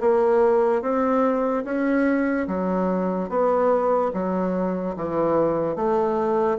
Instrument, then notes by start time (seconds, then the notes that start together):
bassoon
0.00 A#3
0.82 C4
1.65 C#4
2.47 F#3
3.30 B3
4.14 F#3
4.96 E3
5.76 A3